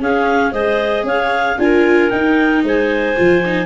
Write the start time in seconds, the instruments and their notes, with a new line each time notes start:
0.00 tuba C#4, viola C#4, clarinet G#4 F5
0.51 tuba G#3, viola G#4, clarinet C5 D#5
1.03 tuba C#4, clarinet C#5 F5
1.58 tuba D4, viola F4, clarinet A#4 G#5
2.10 viola D#4, tuba D#4, clarinet G5
2.63 tuba G#3, clarinet C5 G#5
3.17 tuba F3, viola F4
3.45 viola D#4